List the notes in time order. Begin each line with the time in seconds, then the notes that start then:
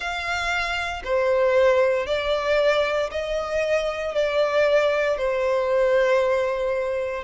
0.00 F5
1.03 C5
2.06 D5
3.11 D#5
4.14 D5
5.17 C5